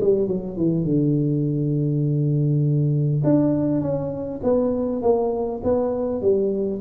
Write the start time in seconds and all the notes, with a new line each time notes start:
0.00 G3
0.27 F#3
0.56 E3
0.84 D3
3.23 D4
3.81 C#4
4.43 B3
5.02 A#3
5.63 B3
6.21 G3